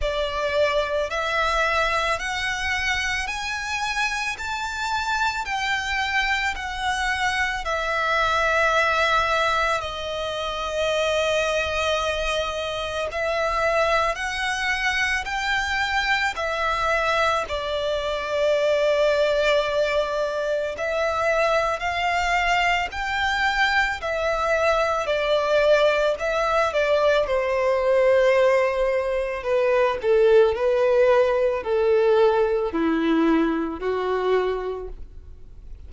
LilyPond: \new Staff \with { instrumentName = "violin" } { \time 4/4 \tempo 4 = 55 d''4 e''4 fis''4 gis''4 | a''4 g''4 fis''4 e''4~ | e''4 dis''2. | e''4 fis''4 g''4 e''4 |
d''2. e''4 | f''4 g''4 e''4 d''4 | e''8 d''8 c''2 b'8 a'8 | b'4 a'4 e'4 fis'4 | }